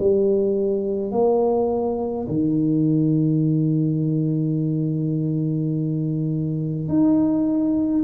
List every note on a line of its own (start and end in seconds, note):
0.00 1.12 G3
1.12 2.28 A#3
2.29 6.89 D#3
6.89 8.04 D#4